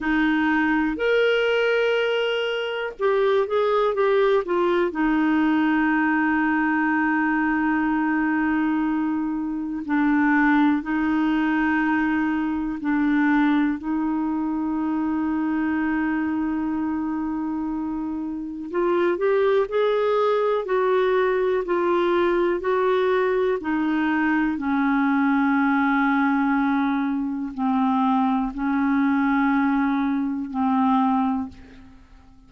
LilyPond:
\new Staff \with { instrumentName = "clarinet" } { \time 4/4 \tempo 4 = 61 dis'4 ais'2 g'8 gis'8 | g'8 f'8 dis'2.~ | dis'2 d'4 dis'4~ | dis'4 d'4 dis'2~ |
dis'2. f'8 g'8 | gis'4 fis'4 f'4 fis'4 | dis'4 cis'2. | c'4 cis'2 c'4 | }